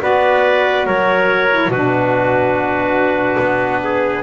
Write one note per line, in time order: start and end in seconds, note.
0.00 0.87 B3
0.00 1.48 F#4
0.00 0.87 B4
0.00 0.87 D5
0.87 1.69 F#3
0.87 1.71 A#4
0.87 1.71 C#5
1.51 1.72 E4
1.69 3.38 B2
1.69 4.23 D4
1.69 3.83 F#4
1.69 4.23 B4
3.40 4.23 B3
3.84 4.23 G#4